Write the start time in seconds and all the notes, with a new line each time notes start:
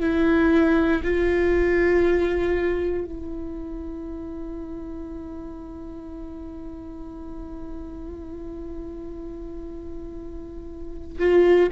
0.00 E4
1.03 F4
3.05 E4
11.19 F4